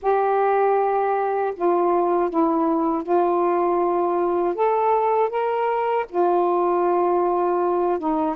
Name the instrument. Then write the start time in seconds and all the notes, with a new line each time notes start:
saxophone
0.02 G4
1.55 F4
2.30 E4
3.03 F4
4.54 A4
5.29 A#4
6.09 F4
7.99 D#4